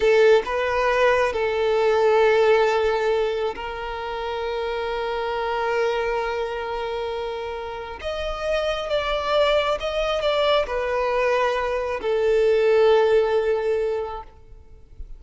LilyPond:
\new Staff \with { instrumentName = "violin" } { \time 4/4 \tempo 4 = 135 a'4 b'2 a'4~ | a'1 | ais'1~ | ais'1~ |
ais'2 dis''2 | d''2 dis''4 d''4 | b'2. a'4~ | a'1 | }